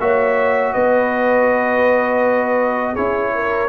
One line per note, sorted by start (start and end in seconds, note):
0.00 0.74 A#3
0.00 2.96 F#4
0.00 0.73 C#5
0.00 0.73 E5
0.73 2.97 B3
0.73 2.93 B4
0.73 2.96 D#5
2.93 3.68 C#4
2.93 3.68 E4
2.93 3.30 G#4
2.93 3.68 C#5
3.34 3.68 A#4